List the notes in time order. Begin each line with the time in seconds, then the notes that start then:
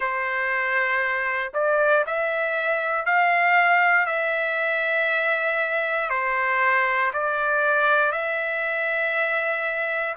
0.00 C5
1.53 D5
2.06 E5
3.05 F5
4.06 E5
6.09 C5
7.13 D5
8.11 E5